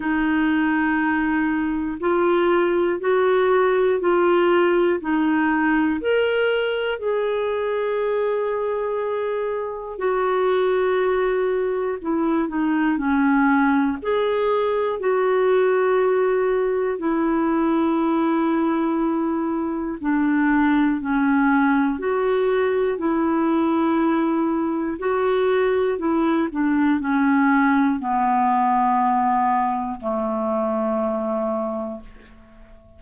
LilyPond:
\new Staff \with { instrumentName = "clarinet" } { \time 4/4 \tempo 4 = 60 dis'2 f'4 fis'4 | f'4 dis'4 ais'4 gis'4~ | gis'2 fis'2 | e'8 dis'8 cis'4 gis'4 fis'4~ |
fis'4 e'2. | d'4 cis'4 fis'4 e'4~ | e'4 fis'4 e'8 d'8 cis'4 | b2 a2 | }